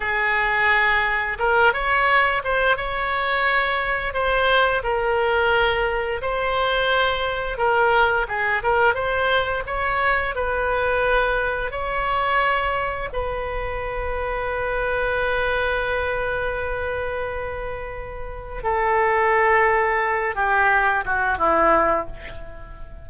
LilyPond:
\new Staff \with { instrumentName = "oboe" } { \time 4/4 \tempo 4 = 87 gis'2 ais'8 cis''4 c''8 | cis''2 c''4 ais'4~ | ais'4 c''2 ais'4 | gis'8 ais'8 c''4 cis''4 b'4~ |
b'4 cis''2 b'4~ | b'1~ | b'2. a'4~ | a'4. g'4 fis'8 e'4 | }